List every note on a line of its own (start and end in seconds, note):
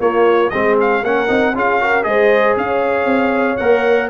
0.00 0.51 A#3
0.00 0.52 A#3
0.00 0.52 F4
0.00 0.50 C#5
0.50 1.03 G#3
0.50 1.04 C4
0.50 1.03 G#4
0.50 0.76 D#5
0.81 1.05 F5
1.03 1.29 A#3
1.03 1.28 C#4
1.03 1.54 A#4
1.03 1.56 F#5
1.28 1.55 C4
1.28 1.54 D#4
1.55 2.06 C#4
1.55 1.81 F4
1.55 1.82 G#4
1.55 2.04 F5
1.81 2.03 F#4
1.81 2.07 A#4
2.03 2.57 G#3
2.03 3.57 G#4
2.03 2.59 C5
2.03 2.55 D#5
2.57 3.06 C#4
2.57 4.10 C#5
2.57 3.58 F5
3.06 3.57 C4
3.58 4.10 A#3
3.58 4.10 A#4
3.58 4.09 F#5